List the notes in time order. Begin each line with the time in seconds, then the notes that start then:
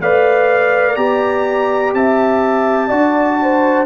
0.00 A3 B4 D5 F5
0.96 B3 G4 A#5
1.93 C4 E5 A5
2.88 D4 F#4 D5
3.42 C5